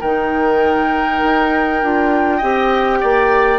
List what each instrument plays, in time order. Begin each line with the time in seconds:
0.00 bassoon D#3, clarinet D#4, oboe A#4, flute G5
1.23 bassoon D#4
1.82 bassoon D4, clarinet F4
2.37 bassoon C4, clarinet G4, oboe D#5
3.00 bassoon A#3, oboe D5